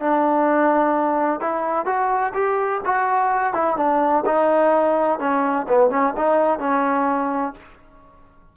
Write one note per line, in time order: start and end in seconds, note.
0.00 1.40 D4
1.40 1.86 E4
1.86 2.33 F#4
2.34 2.82 G4
2.85 3.54 F#4
3.54 3.77 E4
3.77 4.24 D4
4.26 5.19 D#4
5.19 5.66 C#4
5.68 5.90 B3
5.90 6.14 C#4
6.17 6.59 D#4
6.59 7.54 C#4